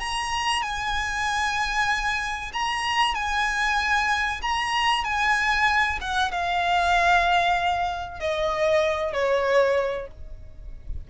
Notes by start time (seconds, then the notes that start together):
0.00 A#5
0.62 G#5
2.53 A#5
3.15 G#5
4.42 A#5
5.04 G#5
6.01 F#5
6.32 F5
8.20 D#5
9.13 C#5